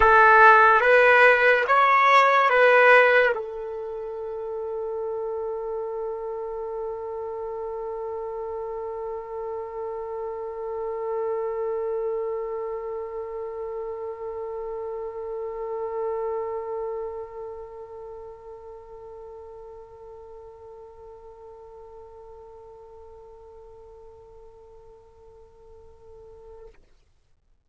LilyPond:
\new Staff \with { instrumentName = "trumpet" } { \time 4/4 \tempo 4 = 72 a'4 b'4 cis''4 b'4 | a'1~ | a'1~ | a'1~ |
a'1~ | a'1~ | a'1~ | a'1 | }